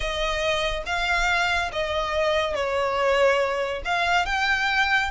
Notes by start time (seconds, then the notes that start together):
0.00 D#5
0.85 F5
1.72 D#5
2.55 C#5
3.85 F5
4.25 G5